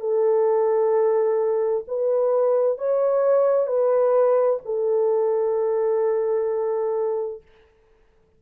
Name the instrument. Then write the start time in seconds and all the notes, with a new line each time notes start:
horn
0.00 A4
1.88 B4
2.79 C#5
3.67 B4
4.66 A4